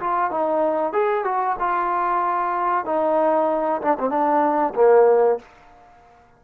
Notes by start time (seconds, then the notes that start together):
0.00 F4
0.31 D#4
0.93 G#4
1.25 F#4
1.59 F4
2.85 D#4
3.82 D4
3.99 C4
4.10 D4
4.75 A#3